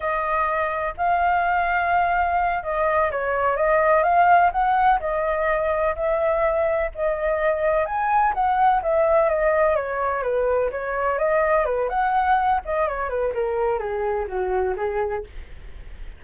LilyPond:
\new Staff \with { instrumentName = "flute" } { \time 4/4 \tempo 4 = 126 dis''2 f''2~ | f''4. dis''4 cis''4 dis''8~ | dis''8 f''4 fis''4 dis''4.~ | dis''8 e''2 dis''4.~ |
dis''8 gis''4 fis''4 e''4 dis''8~ | dis''8 cis''4 b'4 cis''4 dis''8~ | dis''8 b'8 fis''4. dis''8 cis''8 b'8 | ais'4 gis'4 fis'4 gis'4 | }